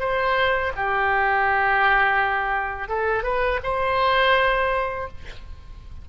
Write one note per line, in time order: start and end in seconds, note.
0.00 0.72 C5
0.76 2.89 G4
2.89 3.24 A4
3.24 3.60 B4
3.63 5.08 C5